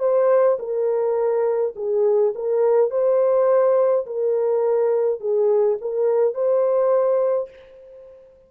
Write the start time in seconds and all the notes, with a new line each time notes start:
0.00 C5
0.59 A#4
1.76 G#4
2.35 A#4
2.91 C5
4.06 A#4
5.21 G#4
5.82 A#4
6.35 C5